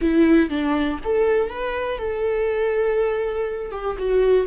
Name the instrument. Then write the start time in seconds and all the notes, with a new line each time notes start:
viola
0.01 E4
0.49 D4
1.04 A4
1.49 B4
1.98 A4
3.71 G4
3.98 F#4